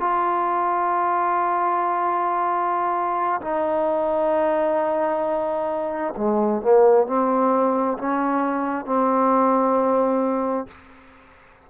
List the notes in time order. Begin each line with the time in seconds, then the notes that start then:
0.00 F4
3.41 D#4
6.17 G#3
6.62 A#3
7.07 C4
7.98 C#4
8.86 C4